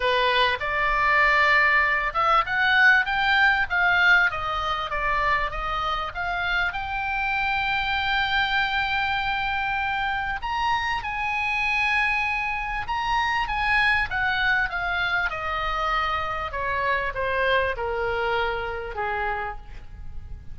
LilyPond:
\new Staff \with { instrumentName = "oboe" } { \time 4/4 \tempo 4 = 98 b'4 d''2~ d''8 e''8 | fis''4 g''4 f''4 dis''4 | d''4 dis''4 f''4 g''4~ | g''1~ |
g''4 ais''4 gis''2~ | gis''4 ais''4 gis''4 fis''4 | f''4 dis''2 cis''4 | c''4 ais'2 gis'4 | }